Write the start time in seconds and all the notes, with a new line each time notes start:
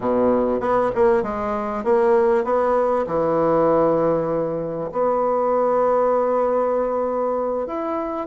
0.00 B2
0.60 B3
0.95 A#3
1.22 G#3
1.83 A#3
2.44 B3
3.06 E3
4.91 B3
7.66 E4